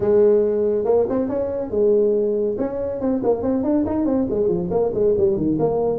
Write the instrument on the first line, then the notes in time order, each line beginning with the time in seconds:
tuba
0.00 G#3
0.85 A#3
1.09 C4
1.28 C#4
1.70 G#3
2.58 C#4
3.00 C4
3.23 A#3
3.42 C4
3.63 D4
3.86 D#4
4.05 C4
4.30 G#3
4.48 F3
4.70 A#3
4.93 G#3
5.17 G3
5.36 D#3
5.59 A#3